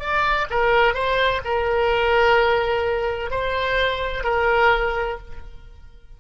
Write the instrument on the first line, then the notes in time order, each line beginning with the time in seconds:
oboe
0.00 D5
0.51 A#4
0.95 C5
1.45 A#4
3.31 C5
4.24 A#4